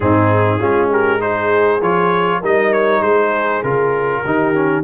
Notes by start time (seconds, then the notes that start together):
0.00 G#2 C4 D#4 G#4
0.59 G#3 C#4 F4
0.91 G4 A#4
1.19 D#4 G#4 C5
1.81 F3 F4 C#5
2.40 G3 D#4 A#4 D#5
2.72 C#5
3.01 G#3 G#4 C5
3.63 C#3 F4 A#4
4.24 D#3 D#4 G4
4.53 C#4